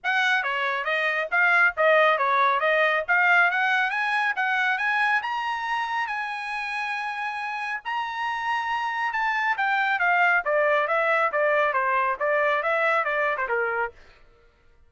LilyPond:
\new Staff \with { instrumentName = "trumpet" } { \time 4/4 \tempo 4 = 138 fis''4 cis''4 dis''4 f''4 | dis''4 cis''4 dis''4 f''4 | fis''4 gis''4 fis''4 gis''4 | ais''2 gis''2~ |
gis''2 ais''2~ | ais''4 a''4 g''4 f''4 | d''4 e''4 d''4 c''4 | d''4 e''4 d''8. c''16 ais'4 | }